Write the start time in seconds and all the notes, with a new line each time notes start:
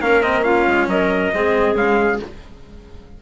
0.00 A#3 C#4 A#4 F5
0.22 C4 D#5
0.41 C#4 F4 F5
0.67 G#3
0.87 F#3 A#4 D#5
1.33 G#3 C4 G#4
1.73 C#3 G#3 F5